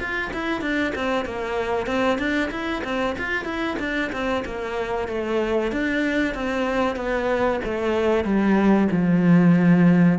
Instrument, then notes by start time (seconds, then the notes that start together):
cello
0.00 F4
0.34 E4
0.62 D4
0.96 C4
1.26 A#3
1.87 C4
2.19 D4
2.51 E4
2.84 C4
3.19 F4
3.45 E4
3.79 D4
4.13 C4
4.46 A#3
5.09 A3
5.72 D4
6.35 C4
6.97 B3
7.65 A3
8.25 G3
8.92 F3